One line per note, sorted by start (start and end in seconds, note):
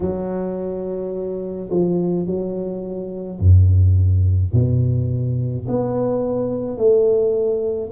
0.00 1.69 F#3
1.70 2.26 F3
2.26 3.39 F#3
3.39 4.52 F#2
4.53 5.66 B2
5.68 6.77 B3
6.77 7.90 A3